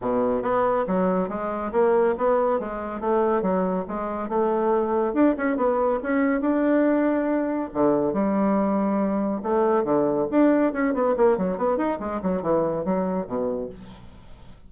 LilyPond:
\new Staff \with { instrumentName = "bassoon" } { \time 4/4 \tempo 4 = 140 b,4 b4 fis4 gis4 | ais4 b4 gis4 a4 | fis4 gis4 a2 | d'8 cis'8 b4 cis'4 d'4~ |
d'2 d4 g4~ | g2 a4 d4 | d'4 cis'8 b8 ais8 fis8 b8 dis'8 | gis8 fis8 e4 fis4 b,4 | }